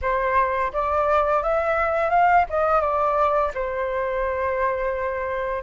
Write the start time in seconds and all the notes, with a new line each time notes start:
0.01 C5
0.72 D5
1.42 E5
2.10 F5
2.49 D#5
2.80 D5
3.54 C5